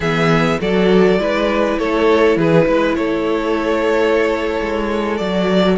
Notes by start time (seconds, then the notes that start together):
0.00 E3 B3 G#4 E5
0.60 F#3 F#4 A4 D5
1.18 G#3 E4 B4
1.78 A3 A4 C#5
2.36 E3 G#4 B4
2.66 G#3 B4
2.95 A3 A4 C#5
4.61 G#3
5.17 F#3 F#4 D5